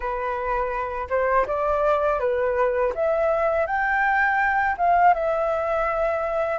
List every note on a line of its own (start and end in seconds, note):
0.00 1.07 B4
1.09 1.46 C5
1.46 2.20 D5
2.20 2.93 B4
2.94 3.66 E5
3.66 4.76 G5
4.77 5.14 F5
5.14 6.58 E5